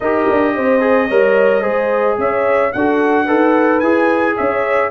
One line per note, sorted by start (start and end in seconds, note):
0.00 0.27 D#4
0.00 0.80 G4
0.00 0.55 A#4
0.00 2.18 D#5
0.29 0.57 D4
0.55 1.10 C4
0.55 1.08 C5
0.80 1.07 G#4
1.08 1.64 G3
1.08 1.62 A#4
1.08 1.61 C#5
1.61 2.17 G#3
1.61 2.71 G#4
1.61 2.16 C5
2.17 2.72 C#4
2.17 2.74 C#5
2.17 2.72 E5
2.72 3.28 D4
2.72 3.27 F#4
2.72 3.25 A4
2.72 3.79 F#5
3.25 3.82 D#4
3.25 3.82 A4
3.25 4.34 B4
3.79 4.36 E4
3.79 4.90 G#4
3.79 4.34 G#5
4.36 4.90 C#4
4.36 4.90 C#5
4.36 4.90 E5